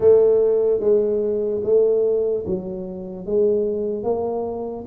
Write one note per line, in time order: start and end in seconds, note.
0.00 0.80 A3
0.80 1.61 G#3
1.63 2.44 A3
2.46 3.26 F#3
3.26 4.03 G#3
4.03 4.84 A#3